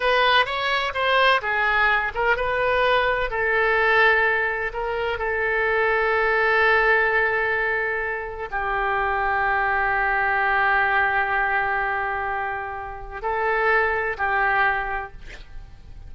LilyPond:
\new Staff \with { instrumentName = "oboe" } { \time 4/4 \tempo 4 = 127 b'4 cis''4 c''4 gis'4~ | gis'8 ais'8 b'2 a'4~ | a'2 ais'4 a'4~ | a'1~ |
a'2 g'2~ | g'1~ | g'1 | a'2 g'2 | }